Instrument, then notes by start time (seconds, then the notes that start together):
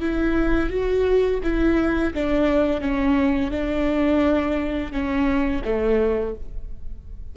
viola
0.00 E4
0.70 F#4
1.43 E4
2.14 D4
2.81 C#4
3.51 D4
4.92 C#4
5.64 A3